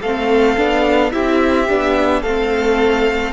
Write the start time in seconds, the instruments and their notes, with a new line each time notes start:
0.00 cello A3, viola C4, violin A4 F5
0.57 cello B3, viola D4
1.11 cello C4, viola E4, violin G4 E5
1.68 cello B3, viola D4
2.21 cello A3, viola C4, violin A4 F5